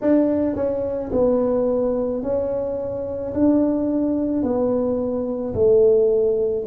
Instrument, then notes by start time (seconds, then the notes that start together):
tuba
0.01 D4
0.55 C#4
1.12 B3
2.22 C#4
3.34 D4
4.42 B3
5.54 A3